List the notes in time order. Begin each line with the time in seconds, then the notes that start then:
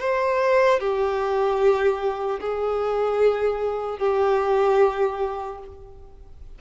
0.00 C5
0.80 G4
2.40 G#4
3.99 G4